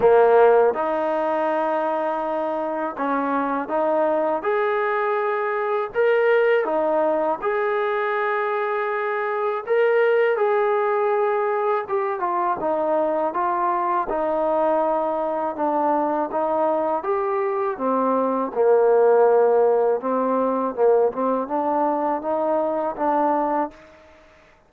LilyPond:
\new Staff \with { instrumentName = "trombone" } { \time 4/4 \tempo 4 = 81 ais4 dis'2. | cis'4 dis'4 gis'2 | ais'4 dis'4 gis'2~ | gis'4 ais'4 gis'2 |
g'8 f'8 dis'4 f'4 dis'4~ | dis'4 d'4 dis'4 g'4 | c'4 ais2 c'4 | ais8 c'8 d'4 dis'4 d'4 | }